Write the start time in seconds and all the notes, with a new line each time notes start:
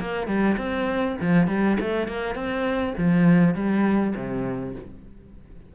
0.00 A#3
0.27 G3
0.57 C4
1.21 F3
1.47 G3
1.80 A3
2.08 A#3
2.35 C4
2.97 F3
3.55 G3
4.15 C3